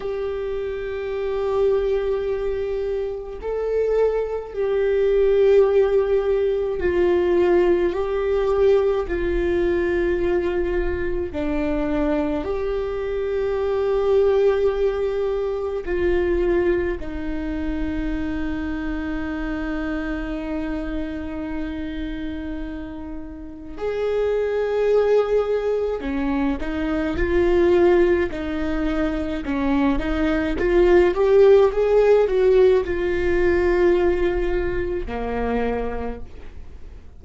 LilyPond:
\new Staff \with { instrumentName = "viola" } { \time 4/4 \tempo 4 = 53 g'2. a'4 | g'2 f'4 g'4 | f'2 d'4 g'4~ | g'2 f'4 dis'4~ |
dis'1~ | dis'4 gis'2 cis'8 dis'8 | f'4 dis'4 cis'8 dis'8 f'8 g'8 | gis'8 fis'8 f'2 ais4 | }